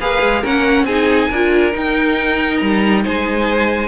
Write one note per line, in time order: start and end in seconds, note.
0.00 0.22 A#3
0.00 0.44 G#4
0.00 0.41 B4
0.00 0.44 F5
0.22 0.44 G#3
0.41 0.84 A#3
0.41 0.87 C#4
0.41 0.85 A#4
0.41 0.86 F#5
0.84 1.28 C4
0.84 1.31 D#4
0.84 1.29 G#4
0.84 1.73 G#5
1.29 1.75 D4
1.29 1.72 F4
1.29 3.03 A#4
1.72 3.88 D#4
1.72 2.62 D#4
1.72 2.58 G5
2.58 3.05 G3
2.58 3.01 A#5
3.04 3.88 G#3
3.04 3.88 C5
3.04 3.88 G#5